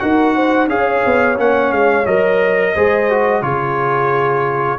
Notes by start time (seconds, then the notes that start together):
0.00 D#4 F#4 A#4 F#5
0.36 C5
0.68 C#4 G#4 C#5 F5
1.06 B3
1.37 A#3 C#4 F#5
1.72 G#3 F5
2.06 F#3 A#4 D#5
2.75 G#3 G#4 C5
3.11 F#4
3.42 C#3 F4 G#4 C#5